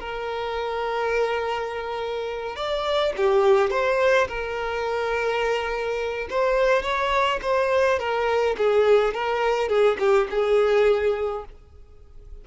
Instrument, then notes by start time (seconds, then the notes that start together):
violin
0.00 A#4
2.56 D5
3.17 G4
3.71 C5
4.28 A#4
6.30 C5
6.83 C#5
7.42 C5
7.99 A#4
8.58 G#4
9.14 A#4
9.69 G#4
9.99 G4
10.30 G#4